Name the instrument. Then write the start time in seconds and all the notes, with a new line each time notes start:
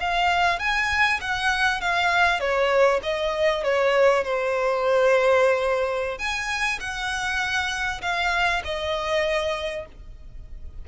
violin
0.00 F5
0.60 G#5
1.21 F#5
1.81 F5
2.40 C#5
3.03 D#5
3.64 C#5
4.24 C5
6.19 G#5
6.80 F#5
8.02 F5
8.64 D#5